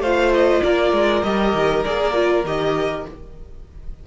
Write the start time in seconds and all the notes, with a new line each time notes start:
0.00 A3 F4 C5 F5
0.34 D#5
0.63 A#3 A#4 D5
0.93 G#3
1.23 G3 G4 D#5
1.54 D#3
1.85 A#3 G#4 D5
2.14 F4
2.45 D#3 G4 D#5